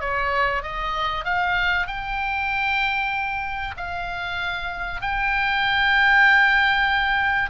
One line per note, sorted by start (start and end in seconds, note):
0.00 0.62 C#5
0.62 1.24 D#5
1.24 1.87 F5
1.87 3.74 G5
3.77 5.01 F5
5.01 7.50 G5